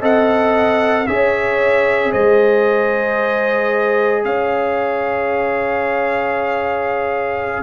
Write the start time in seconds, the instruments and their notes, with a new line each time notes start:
0.00 tuba C4, trombone A4, horn D#5, trumpet F#5
1.07 tuba C#4, trombone G#4, horn C#5, trumpet E5
2.11 tuba G#3, horn C5, trumpet D#5
4.24 tuba C#4, horn C#5, trumpet F5